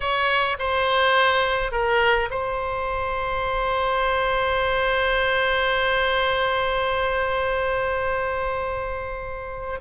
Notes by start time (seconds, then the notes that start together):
0.00 C#5
0.58 C5
1.71 A#4
2.30 C5